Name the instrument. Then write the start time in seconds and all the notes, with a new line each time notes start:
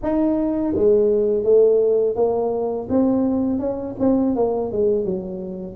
tuba
0.02 D#4
0.75 G#3
1.43 A3
2.15 A#3
2.89 C4
3.59 C#4
3.99 C4
4.35 A#3
4.72 G#3
5.04 F#3